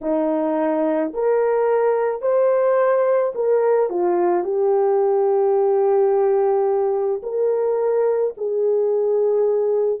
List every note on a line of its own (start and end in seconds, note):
0.01 1.12 D#4
1.13 2.21 A#4
2.21 3.32 C5
3.34 3.89 A#4
3.89 4.43 F4
4.43 7.21 G4
7.22 8.33 A#4
8.37 10.00 G#4